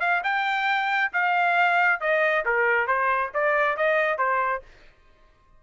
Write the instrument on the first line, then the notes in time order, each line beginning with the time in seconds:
trumpet
0.00 F5
0.24 G5
1.13 F5
2.01 D#5
2.45 A#4
2.87 C5
3.34 D5
3.77 D#5
4.18 C5